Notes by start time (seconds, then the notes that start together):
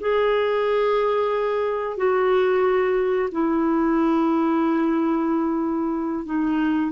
0.00 G#4
1.97 F#4
3.31 E4
6.25 D#4